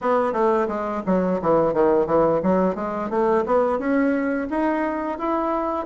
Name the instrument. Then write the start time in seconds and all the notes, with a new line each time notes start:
bassoon
0.01 B3
0.33 A3
0.67 G#3
1.06 F#3
1.41 E3
1.73 D#3
2.06 E3
2.43 F#3
2.75 G#3
3.09 A3
3.46 B3
3.79 C#4
4.50 D#4
5.18 E4